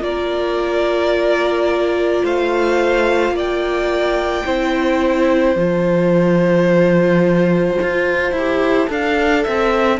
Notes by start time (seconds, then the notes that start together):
0.00 A#3 F4 A#4 D5
2.24 A3 C5 F5
3.31 A#3 D5
3.38 G5
4.45 C4 E4 C5
5.55 F3 F4 A5
7.82 F4
8.32 E4
8.38 G4
8.87 D4 A4 F5
9.44 C4 E5